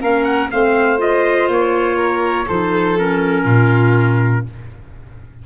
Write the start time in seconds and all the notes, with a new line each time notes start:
0.00 A#3 C#4 A#4 F5
0.23 F#5
0.50 A3 C4 C5 F5
0.98 F4 D#5
1.48 A#3 C#5
1.96 A#4
2.47 F3 D#4 A4 C5
2.97 C#4 A#4
3.44 A#2 F4